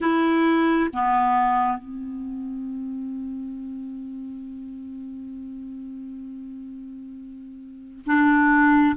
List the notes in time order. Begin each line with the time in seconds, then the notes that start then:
0.00 E4
0.93 B3
1.77 C4
8.06 D4